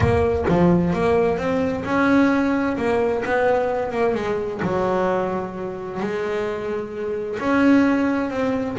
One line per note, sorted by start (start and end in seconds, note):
0.00 0.45 A#3
0.48 0.93 F3
0.93 1.37 A#3
1.37 1.84 C4
1.84 2.77 C#4
2.77 3.23 A#3
3.25 3.91 B3
3.91 4.14 A#3
4.14 4.60 G#3
4.62 6.00 F#3
6.00 7.38 G#3
7.39 8.30 C#4
8.30 8.76 C4